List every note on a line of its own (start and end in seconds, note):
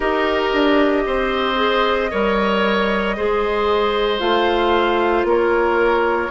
0.00 0.52 D#4
0.00 1.55 G4
0.00 1.02 A#4
0.00 4.20 D#5
0.52 1.05 D4
1.06 2.11 C4
1.06 2.11 C5
1.55 2.08 G#4
2.11 3.18 G3
2.11 3.16 A#4
2.11 3.16 C#5
3.16 4.20 G#3
3.16 4.19 G#4
3.16 5.27 C5
4.19 5.24 A3
4.19 6.29 F4
4.19 5.25 F5
5.24 6.29 A#3
5.24 6.30 A#4
5.24 6.30 C#5